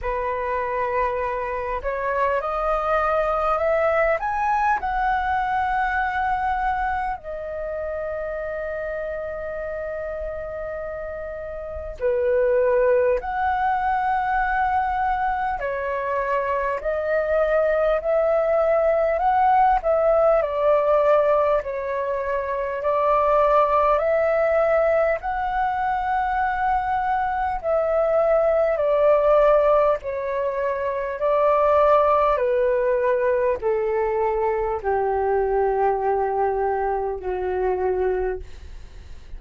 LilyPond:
\new Staff \with { instrumentName = "flute" } { \time 4/4 \tempo 4 = 50 b'4. cis''8 dis''4 e''8 gis''8 | fis''2 dis''2~ | dis''2 b'4 fis''4~ | fis''4 cis''4 dis''4 e''4 |
fis''8 e''8 d''4 cis''4 d''4 | e''4 fis''2 e''4 | d''4 cis''4 d''4 b'4 | a'4 g'2 fis'4 | }